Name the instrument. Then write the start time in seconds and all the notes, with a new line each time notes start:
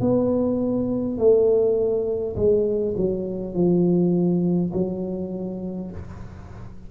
tuba
0.00 B3
1.18 A3
2.36 G#3
2.96 F#3
3.54 F3
4.73 F#3